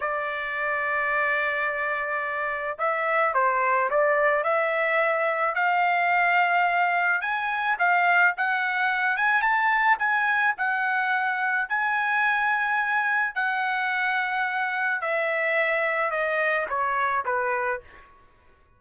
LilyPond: \new Staff \with { instrumentName = "trumpet" } { \time 4/4 \tempo 4 = 108 d''1~ | d''4 e''4 c''4 d''4 | e''2 f''2~ | f''4 gis''4 f''4 fis''4~ |
fis''8 gis''8 a''4 gis''4 fis''4~ | fis''4 gis''2. | fis''2. e''4~ | e''4 dis''4 cis''4 b'4 | }